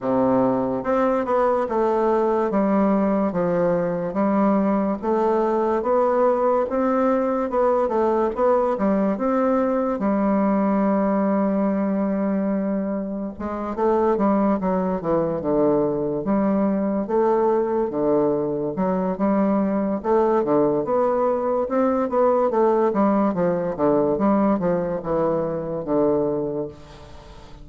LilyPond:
\new Staff \with { instrumentName = "bassoon" } { \time 4/4 \tempo 4 = 72 c4 c'8 b8 a4 g4 | f4 g4 a4 b4 | c'4 b8 a8 b8 g8 c'4 | g1 |
gis8 a8 g8 fis8 e8 d4 g8~ | g8 a4 d4 fis8 g4 | a8 d8 b4 c'8 b8 a8 g8 | f8 d8 g8 f8 e4 d4 | }